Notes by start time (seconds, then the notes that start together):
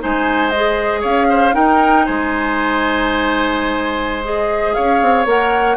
0.00 G#3 D#4 C5 G#5
0.50 G#4 D#5
1.01 C#4 C#5 F5
1.29 C5
1.52 D#4 A#4 G5
2.05 G#3 C5 G#5
4.24 G#4 D#5
4.74 C#4 C#5 F5
5.02 C4
5.26 A#3 A#4 F#5